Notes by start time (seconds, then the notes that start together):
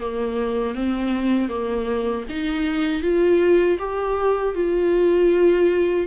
0.00 A#3
0.75 C4
1.49 A#3
2.30 D#4
3.02 F4
3.79 G4
4.55 F4